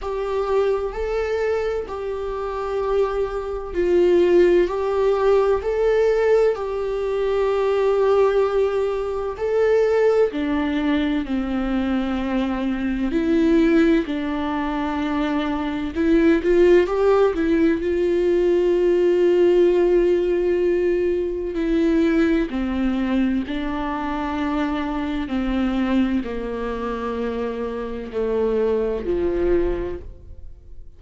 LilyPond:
\new Staff \with { instrumentName = "viola" } { \time 4/4 \tempo 4 = 64 g'4 a'4 g'2 | f'4 g'4 a'4 g'4~ | g'2 a'4 d'4 | c'2 e'4 d'4~ |
d'4 e'8 f'8 g'8 e'8 f'4~ | f'2. e'4 | c'4 d'2 c'4 | ais2 a4 f4 | }